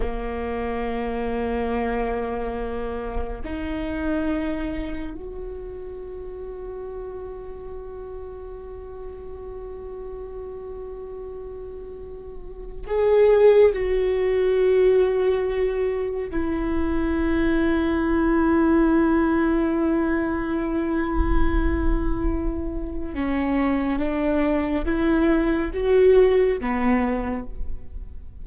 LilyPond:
\new Staff \with { instrumentName = "viola" } { \time 4/4 \tempo 4 = 70 ais1 | dis'2 fis'2~ | fis'1~ | fis'2. gis'4 |
fis'2. e'4~ | e'1~ | e'2. cis'4 | d'4 e'4 fis'4 b4 | }